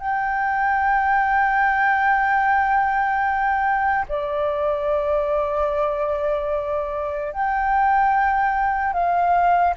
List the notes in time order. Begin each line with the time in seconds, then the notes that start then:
0.00 G5
4.08 D5
7.33 G5
8.93 F5